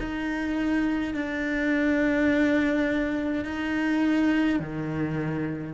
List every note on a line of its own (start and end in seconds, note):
0.00 1.15 D#4
1.15 3.45 D4
3.45 4.59 D#4
4.59 5.74 D#3